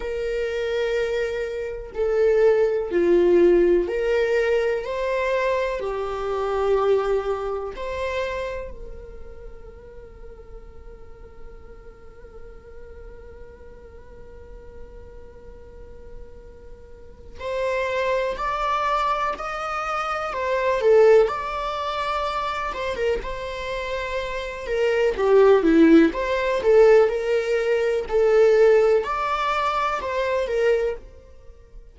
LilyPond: \new Staff \with { instrumentName = "viola" } { \time 4/4 \tempo 4 = 62 ais'2 a'4 f'4 | ais'4 c''4 g'2 | c''4 ais'2.~ | ais'1~ |
ais'2 c''4 d''4 | dis''4 c''8 a'8 d''4. c''16 ais'16 | c''4. ais'8 g'8 e'8 c''8 a'8 | ais'4 a'4 d''4 c''8 ais'8 | }